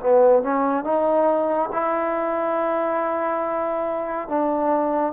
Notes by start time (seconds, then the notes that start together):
0.00 B3
0.43 C#4
0.84 D#4
1.72 E4
4.29 D4